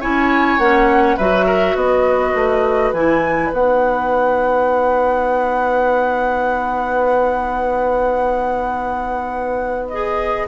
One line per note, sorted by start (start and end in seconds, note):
0.00 0.58 C#4
0.00 0.59 E4
0.00 1.16 C#5
0.00 0.58 G#5
0.58 1.17 A#3
0.58 1.19 C#4
0.58 1.17 F#5
1.16 1.75 F#3
1.16 2.95 F#4
1.16 1.46 B4
1.16 1.76 E5
1.46 1.75 A#4
1.75 2.33 B3
1.75 10.47 B4
1.75 2.92 D#5
2.34 2.92 A3
2.92 3.51 E3
2.92 3.53 E4
2.92 3.52 G#5
3.52 10.47 B3
3.52 9.92 D#4
3.52 9.88 F#5
9.88 10.47 G#4
9.88 10.46 D#5